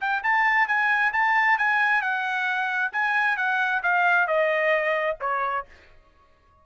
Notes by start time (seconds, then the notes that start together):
0.00 G5
0.23 A5
0.67 G#5
1.12 A5
1.57 G#5
2.01 F#5
2.92 G#5
3.37 F#5
3.82 F5
4.27 D#5
5.20 C#5